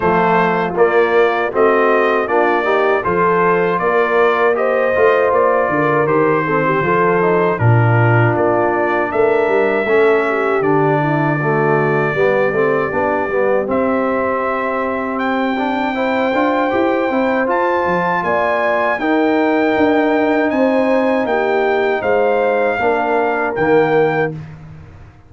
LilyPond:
<<
  \new Staff \with { instrumentName = "trumpet" } { \time 4/4 \tempo 4 = 79 c''4 d''4 dis''4 d''4 | c''4 d''4 dis''4 d''4 | c''2 ais'4 d''4 | e''2 d''2~ |
d''2 e''2 | g''2. a''4 | gis''4 g''2 gis''4 | g''4 f''2 g''4 | }
  \new Staff \with { instrumentName = "horn" } { \time 4/4 f'2 fis'4 f'8 g'8 | a'4 ais'4 c''4. ais'8~ | ais'8 a'16 g'16 a'4 f'2 | ais'4 a'8 g'4 e'8 fis'4 |
g'1~ | g'4 c''2. | d''4 ais'2 c''4 | g'4 c''4 ais'2 | }
  \new Staff \with { instrumentName = "trombone" } { \time 4/4 a4 ais4 c'4 d'8 dis'8 | f'2 g'8 f'4. | g'8 c'8 f'8 dis'8 d'2~ | d'4 cis'4 d'4 a4 |
b8 c'8 d'8 b8 c'2~ | c'8 d'8 e'8 f'8 g'8 e'8 f'4~ | f'4 dis'2.~ | dis'2 d'4 ais4 | }
  \new Staff \with { instrumentName = "tuba" } { \time 4/4 f4 ais4 a4 ais4 | f4 ais4. a8 ais8 d8 | dis4 f4 ais,4 ais4 | a8 g8 a4 d2 |
g8 a8 b8 g8 c'2~ | c'4. d'8 e'8 c'8 f'8 f8 | ais4 dis'4 d'4 c'4 | ais4 gis4 ais4 dis4 | }
>>